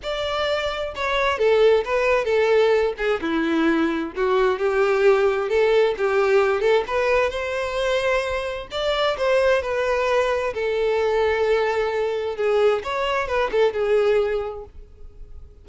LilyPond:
\new Staff \with { instrumentName = "violin" } { \time 4/4 \tempo 4 = 131 d''2 cis''4 a'4 | b'4 a'4. gis'8 e'4~ | e'4 fis'4 g'2 | a'4 g'4. a'8 b'4 |
c''2. d''4 | c''4 b'2 a'4~ | a'2. gis'4 | cis''4 b'8 a'8 gis'2 | }